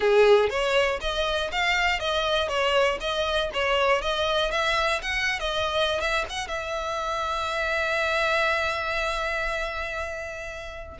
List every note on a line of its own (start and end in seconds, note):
0.00 0.49 G#4
0.49 0.99 C#5
1.00 1.50 D#5
1.51 1.99 F5
1.99 2.48 D#5
2.48 2.98 C#5
3.00 3.50 D#5
3.53 4.01 C#5
4.01 4.51 D#5
4.51 5.01 E5
5.02 5.39 F#5
5.39 6.00 D#5
6.00 6.25 E5
6.29 6.47 F#5
6.47 10.97 E5